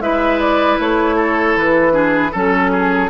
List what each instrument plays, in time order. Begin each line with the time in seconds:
0.00 bassoon G#3, clarinet E4, oboe B4, flute E5
0.40 flute D5
0.79 bassoon A3, flute C#5
1.16 oboe A4
1.56 bassoon E3, flute B4
1.92 clarinet D4, oboe G#4
2.32 bassoon F#3, clarinet C#4, oboe A4, flute A4
2.72 oboe G#4